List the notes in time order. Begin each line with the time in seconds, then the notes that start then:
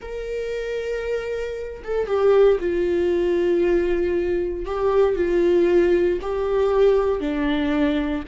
0.01 A#4
1.84 A4
2.06 G4
2.60 F4
4.65 G4
5.15 F4
6.21 G4
7.20 D4